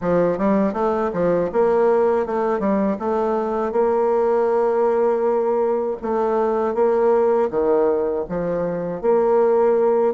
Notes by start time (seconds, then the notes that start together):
0.01 F3
0.38 G3
0.73 A3
1.13 F3
1.52 A#3
2.26 A3
2.59 G3
2.99 A3
3.72 A#3
6.01 A3
6.74 A#3
7.50 D#3
8.28 F3
9.01 A#3